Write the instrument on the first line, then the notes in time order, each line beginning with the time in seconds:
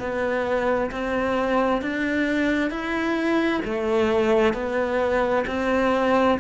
cello
0.00 B3
0.92 C4
1.82 D4
2.71 E4
3.65 A3
4.54 B3
5.48 C4